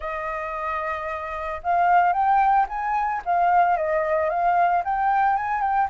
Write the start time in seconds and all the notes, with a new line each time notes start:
0.00 D#5
1.63 F5
2.13 G5
2.68 G#5
3.25 F5
3.76 D#5
4.29 F5
4.84 G5
5.36 G#5
5.61 G5